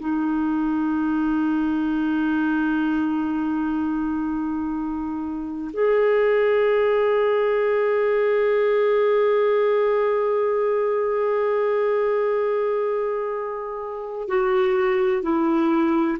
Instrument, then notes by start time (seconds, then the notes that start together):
clarinet
0.00 D#4
5.74 G#4
14.28 F#4
15.23 E4